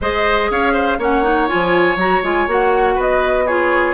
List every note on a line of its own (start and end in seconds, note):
0.01 0.50 G#3
0.01 0.99 G#4
0.01 0.50 C5
0.01 0.51 D#5
0.50 0.98 C#4
0.50 0.72 C#5
0.50 1.01 F5
0.72 0.97 C5
0.98 1.48 A#3
0.98 1.23 C#4
0.98 2.94 C#5
0.98 1.48 F#5
1.23 1.48 D#4
1.48 1.96 F3
1.48 1.98 F4
1.48 1.98 G#5
1.96 2.20 F#3
1.96 2.23 F#4
1.96 2.24 A#5
2.22 2.47 G#3
2.22 2.48 F4
2.22 2.49 G#5
2.47 2.96 A#3
2.47 3.47 F#4
2.47 3.01 F#5
2.94 3.93 B3
2.94 3.44 B4
3.01 3.47 D#5
3.45 3.93 F4
3.45 3.93 G#4
3.45 3.93 C#5